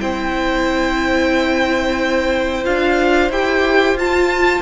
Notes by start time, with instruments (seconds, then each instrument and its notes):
0.00 cello C4, viola E4, violin C5 G5
2.64 cello D4, viola F4, violin F5
3.30 cello E4, viola G4, violin G5
3.93 cello F4, viola F4, violin A5